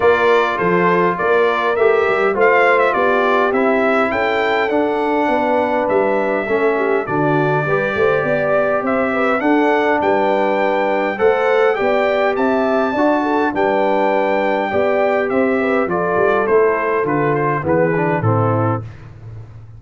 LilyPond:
<<
  \new Staff \with { instrumentName = "trumpet" } { \time 4/4 \tempo 4 = 102 d''4 c''4 d''4 e''4 | f''8. e''16 d''4 e''4 g''4 | fis''2 e''2 | d''2. e''4 |
fis''4 g''2 fis''4 | g''4 a''2 g''4~ | g''2 e''4 d''4 | c''4 b'8 c''8 b'4 a'4 | }
  \new Staff \with { instrumentName = "horn" } { \time 4/4 ais'4 a'4 ais'2 | c''4 g'2 a'4~ | a'4 b'2 a'8 g'8 | fis'4 b'8 c''8 d''4 c''8 b'8 |
a'4 b'2 c''4 | d''4 e''4 d''8 a'8 b'4~ | b'4 d''4 c''8 b'8 a'4~ | a'2 gis'4 e'4 | }
  \new Staff \with { instrumentName = "trombone" } { \time 4/4 f'2. g'4 | f'2 e'2 | d'2. cis'4 | d'4 g'2. |
d'2. a'4 | g'2 fis'4 d'4~ | d'4 g'2 f'4 | e'4 f'4 b8 d'8 c'4 | }
  \new Staff \with { instrumentName = "tuba" } { \time 4/4 ais4 f4 ais4 a8 g8 | a4 b4 c'4 cis'4 | d'4 b4 g4 a4 | d4 g8 a8 b4 c'4 |
d'4 g2 a4 | b4 c'4 d'4 g4~ | g4 b4 c'4 f8 g8 | a4 d4 e4 a,4 | }
>>